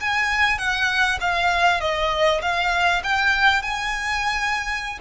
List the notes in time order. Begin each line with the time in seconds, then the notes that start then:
0.00 G#5
0.58 F#5
1.20 F5
1.80 D#5
2.42 F5
3.03 G5
3.62 G#5